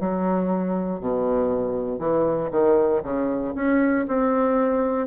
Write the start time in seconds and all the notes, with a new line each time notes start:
0.00 F#3
1.00 B2
1.99 E3
2.51 D#3
3.03 C#3
3.55 C#4
4.08 C4